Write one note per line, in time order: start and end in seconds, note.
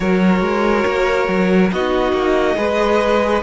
0.00 0.41 F#3
0.00 1.73 F#4
0.00 1.72 A#4
0.00 1.71 C#5
0.41 0.84 G#3
0.86 1.28 A#3
1.28 1.71 F#3
1.72 2.12 B3
1.72 2.56 D#4
1.72 2.57 F#4
1.72 3.42 D#5
2.12 2.55 A#3
2.56 3.42 G#3
2.56 3.42 G#4
2.56 3.42 B4